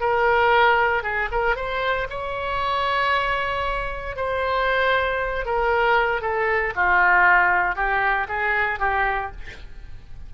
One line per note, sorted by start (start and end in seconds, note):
0.00 1.03 A#4
1.03 1.29 G#4
1.31 1.55 A#4
1.55 2.07 C5
2.09 4.16 C#5
4.16 5.45 C5
5.45 6.21 A#4
6.21 6.73 A4
6.75 7.75 F4
7.75 8.27 G4
8.28 8.79 G#4
8.79 9.31 G4